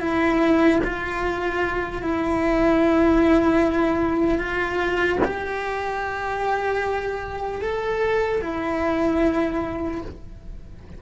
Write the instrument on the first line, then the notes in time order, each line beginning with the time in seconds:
cello
0.00 E4
0.84 F4
2.02 E4
4.39 F4
5.24 G4
7.61 A4
8.41 E4